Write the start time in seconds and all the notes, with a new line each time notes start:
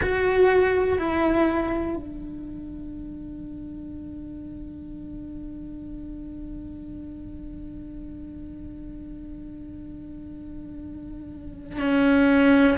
0.01 F#4
0.98 E4
1.95 D4
11.79 C#4